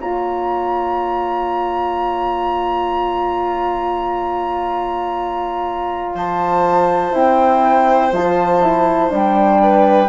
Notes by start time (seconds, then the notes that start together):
0.00 A#3 F4 C#5 A#5
6.14 F3 C5 A5
7.12 C4 E4 G5
8.12 F3 F4 A5
8.62 E4
9.10 G3 D4 G5
9.63 B4